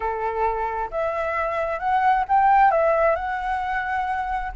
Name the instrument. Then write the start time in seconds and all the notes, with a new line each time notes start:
flute
0.00 A4
0.90 E5
1.79 F#5
2.28 G5
2.71 E5
3.15 F#5